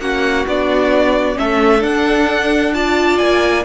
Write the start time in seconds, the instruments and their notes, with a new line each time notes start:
0.00 cello A#3, viola C#4, violin F#4 F#5
0.47 cello B3, viola D4, violin D5
1.35 cello A3, viola C#4, violin A4 E5
1.80 viola D4, cello D4, violin F#5
2.74 viola F4, violin D5 A5
3.18 cello A#3, violin G#5